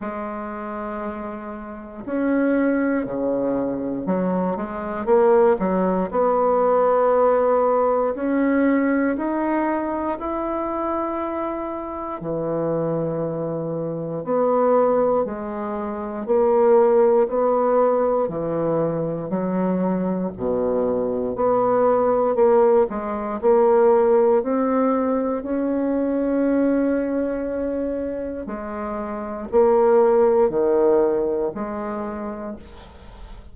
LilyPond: \new Staff \with { instrumentName = "bassoon" } { \time 4/4 \tempo 4 = 59 gis2 cis'4 cis4 | fis8 gis8 ais8 fis8 b2 | cis'4 dis'4 e'2 | e2 b4 gis4 |
ais4 b4 e4 fis4 | b,4 b4 ais8 gis8 ais4 | c'4 cis'2. | gis4 ais4 dis4 gis4 | }